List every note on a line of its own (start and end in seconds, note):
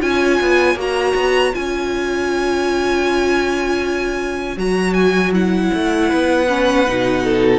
0.00 0.40 C#4
0.00 0.76 F4
0.00 6.08 C#5
0.00 0.77 G#5
0.41 0.75 B3
0.75 1.13 A#3
0.75 1.53 F#4
0.75 1.54 A#5
1.14 1.52 B3
1.53 4.56 C#4
1.53 4.56 F4
1.53 4.58 G#5
4.56 5.70 F#3
4.56 5.33 F#4
4.56 4.93 A#5
4.93 5.31 G#5
5.33 6.47 E4
5.33 7.59 F#5
5.74 6.12 A3
6.08 6.88 B3
6.08 7.22 B4
6.48 6.86 C#4
6.86 7.59 B2
6.86 7.59 D#4
7.24 7.59 A4